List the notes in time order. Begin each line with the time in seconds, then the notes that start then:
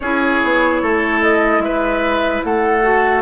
0.00 C#4 E4 G#4 C#5
0.43 B3
0.82 A3 A4
1.21 D#5
1.58 G#3 B4 E5
2.43 A3 A4 F#5
2.82 F#4